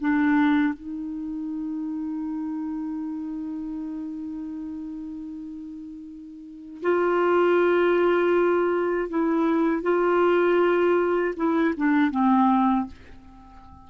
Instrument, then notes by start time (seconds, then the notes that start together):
clarinet
0.00 D4
0.74 D#4
6.83 F4
9.09 E4
9.83 F4
11.36 E4
11.77 D4
12.11 C4